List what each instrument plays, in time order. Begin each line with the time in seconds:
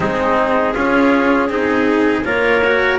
0.00 double bass G#3, cello C4, trumpet D#4, clarinet G#4
0.74 cello C#4, double bass C#4, trumpet F4
1.48 double bass C4, cello D#4, trumpet G#4
2.24 double bass A#3, cello F4, trumpet A#4, clarinet C#5
2.64 cello F#4